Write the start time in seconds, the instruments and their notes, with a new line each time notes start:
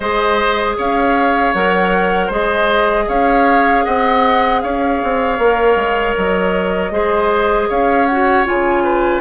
0.00 bassoon G#3, clarinet G#4, oboe C5, flute D#5
0.77 bassoon C#4, oboe C#5, flute F5
1.53 bassoon F#3, clarinet A#4, flute F#5
2.26 bassoon G#3, clarinet G#4, oboe C5, flute D#5
3.08 bassoon C#4, oboe C#5, flute F5
3.84 bassoon C4, oboe D#5, flute F#5
4.60 bassoon C#4, oboe C#5, flute F5
5.03 bassoon C4
5.38 bassoon A#3, clarinet A#4
5.75 bassoon G#3
6.17 bassoon F#3, flute D#5
6.91 bassoon G#3, clarinet G#4, oboe C5
7.69 bassoon C#4, oboe C#5, flute F5
8.06 clarinet F#4, flute F#5
8.44 bassoon C#3, clarinet F4, flute G#5
8.83 oboe B4